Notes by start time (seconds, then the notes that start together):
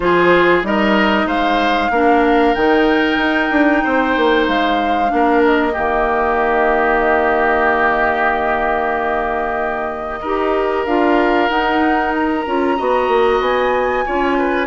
0.00 F3 F4 G#4 C5
0.63 G3 D#4 A#4 D#5
1.25 G#3 C5 F5
1.90 A#3 D4 A#4
2.54 D#3 D#4 G5
3.17 D#4
3.51 D4
3.83 C4 C5
4.16 A#3
4.47 G#3 F5
5.07 A#3 D4
5.15 A#4
5.44 D#5
5.72 D#3 A#3 G4
10.20 D#4 G4 A#4
10.85 D4 F4 F5
11.49 D#4 F#5
12.13 A#5
12.46 C#4 F4
12.77 B3 F#4 D#5
13.08 A#3
13.39 B3 G#5
14.05 C#4 F4 C#5
14.38 B4